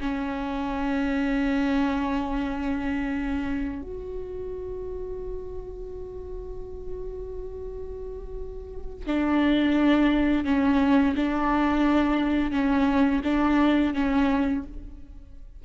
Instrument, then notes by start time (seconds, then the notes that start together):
viola
0.00 C#4
3.82 F#4
9.06 D4
10.45 C#4
11.16 D4
12.51 C#4
13.24 D4
13.94 C#4